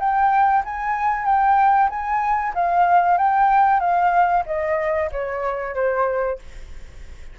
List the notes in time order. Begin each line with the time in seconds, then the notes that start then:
0.00 G5
0.65 G#5
1.26 G5
1.90 G#5
2.55 F5
3.18 G5
3.80 F5
4.47 D#5
5.12 C#5
5.75 C5